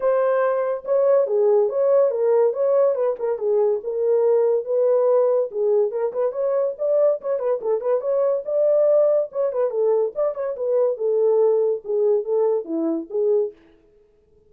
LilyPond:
\new Staff \with { instrumentName = "horn" } { \time 4/4 \tempo 4 = 142 c''2 cis''4 gis'4 | cis''4 ais'4 cis''4 b'8 ais'8 | gis'4 ais'2 b'4~ | b'4 gis'4 ais'8 b'8 cis''4 |
d''4 cis''8 b'8 a'8 b'8 cis''4 | d''2 cis''8 b'8 a'4 | d''8 cis''8 b'4 a'2 | gis'4 a'4 e'4 gis'4 | }